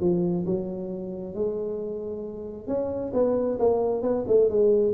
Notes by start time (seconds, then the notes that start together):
0.00 F3
0.46 F#3
1.35 G#3
2.67 C#4
3.13 B3
3.59 A#3
4.02 B3
4.27 A3
4.49 G#3